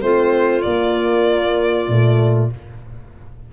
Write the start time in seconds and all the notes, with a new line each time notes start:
0.00 A3 C4 F4 C5
0.62 A#3 D5
1.88 A#2 A3